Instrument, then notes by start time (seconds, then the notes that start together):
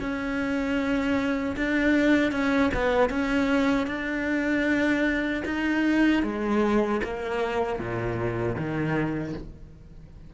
cello
0.00 C#4
1.57 D4
2.32 C#4
2.74 B3
3.10 C#4
3.87 D4
5.45 D#4
6.23 G#3
7.04 A#3
7.80 A#2
8.56 D#3